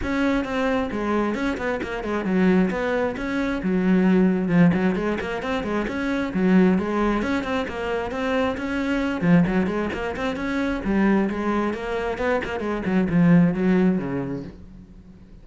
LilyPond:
\new Staff \with { instrumentName = "cello" } { \time 4/4 \tempo 4 = 133 cis'4 c'4 gis4 cis'8 b8 | ais8 gis8 fis4 b4 cis'4 | fis2 f8 fis8 gis8 ais8 | c'8 gis8 cis'4 fis4 gis4 |
cis'8 c'8 ais4 c'4 cis'4~ | cis'8 f8 fis8 gis8 ais8 c'8 cis'4 | g4 gis4 ais4 b8 ais8 | gis8 fis8 f4 fis4 cis4 | }